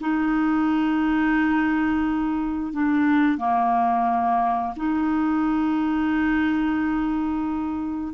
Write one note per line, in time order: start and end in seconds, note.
0.00 2.73 D#4
2.73 3.37 D4
3.37 4.74 A#3
4.76 8.13 D#4